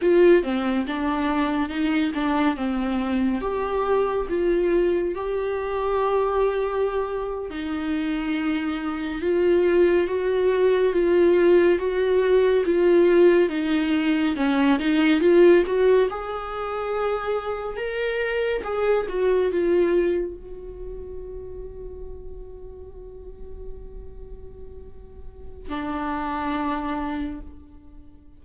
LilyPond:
\new Staff \with { instrumentName = "viola" } { \time 4/4 \tempo 4 = 70 f'8 c'8 d'4 dis'8 d'8 c'4 | g'4 f'4 g'2~ | g'8. dis'2 f'4 fis'16~ | fis'8. f'4 fis'4 f'4 dis'16~ |
dis'8. cis'8 dis'8 f'8 fis'8 gis'4~ gis'16~ | gis'8. ais'4 gis'8 fis'8 f'4 fis'16~ | fis'1~ | fis'2 d'2 | }